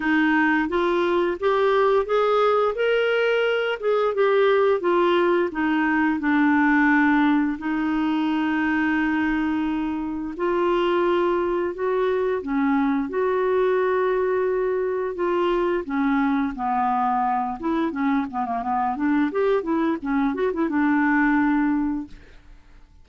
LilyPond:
\new Staff \with { instrumentName = "clarinet" } { \time 4/4 \tempo 4 = 87 dis'4 f'4 g'4 gis'4 | ais'4. gis'8 g'4 f'4 | dis'4 d'2 dis'4~ | dis'2. f'4~ |
f'4 fis'4 cis'4 fis'4~ | fis'2 f'4 cis'4 | b4. e'8 cis'8 b16 ais16 b8 d'8 | g'8 e'8 cis'8 fis'16 e'16 d'2 | }